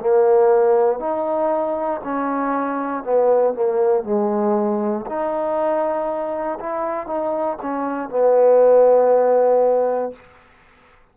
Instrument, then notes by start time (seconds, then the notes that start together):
trombone
0.00 A#3
1.00 D#4
2.04 C#4
3.04 B3
3.55 A#3
4.04 G#3
5.07 D#4
6.60 E4
7.07 D#4
7.63 C#4
8.10 B3